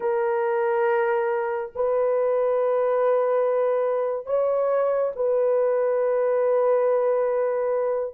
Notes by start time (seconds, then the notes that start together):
0.00 A#4
1.75 B4
4.26 C#5
5.15 B4